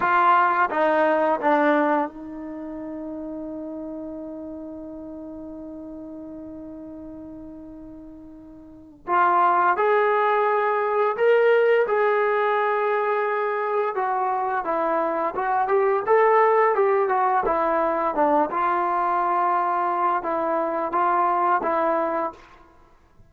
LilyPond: \new Staff \with { instrumentName = "trombone" } { \time 4/4 \tempo 4 = 86 f'4 dis'4 d'4 dis'4~ | dis'1~ | dis'1~ | dis'4 f'4 gis'2 |
ais'4 gis'2. | fis'4 e'4 fis'8 g'8 a'4 | g'8 fis'8 e'4 d'8 f'4.~ | f'4 e'4 f'4 e'4 | }